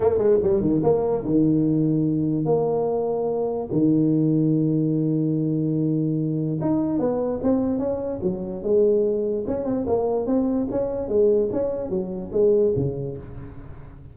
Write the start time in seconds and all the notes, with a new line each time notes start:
0.00 A#3
0.18 G#3
0.42 G3
0.61 D#3
0.83 A#3
1.24 D#3
2.45 A#3
3.71 D#3
6.61 D#4
6.99 B3
7.42 C4
7.79 C#4
8.22 F#3
8.62 G#3
9.47 C#4
9.64 C4
9.86 A#3
10.26 C4
10.70 C#4
11.08 G#3
11.52 C#4
11.89 F#3
12.32 G#3
12.76 C#3